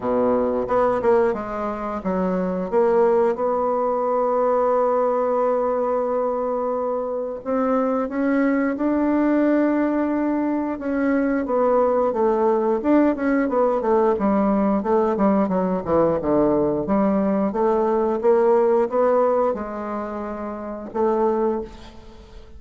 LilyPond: \new Staff \with { instrumentName = "bassoon" } { \time 4/4 \tempo 4 = 89 b,4 b8 ais8 gis4 fis4 | ais4 b2.~ | b2. c'4 | cis'4 d'2. |
cis'4 b4 a4 d'8 cis'8 | b8 a8 g4 a8 g8 fis8 e8 | d4 g4 a4 ais4 | b4 gis2 a4 | }